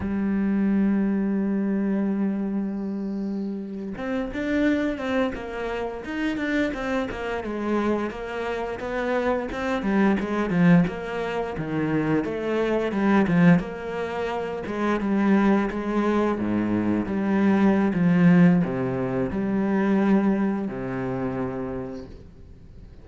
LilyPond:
\new Staff \with { instrumentName = "cello" } { \time 4/4 \tempo 4 = 87 g1~ | g4.~ g16 c'8 d'4 c'8 ais16~ | ais8. dis'8 d'8 c'8 ais8 gis4 ais16~ | ais8. b4 c'8 g8 gis8 f8 ais16~ |
ais8. dis4 a4 g8 f8 ais16~ | ais4~ ais16 gis8 g4 gis4 gis,16~ | gis,8. g4~ g16 f4 c4 | g2 c2 | }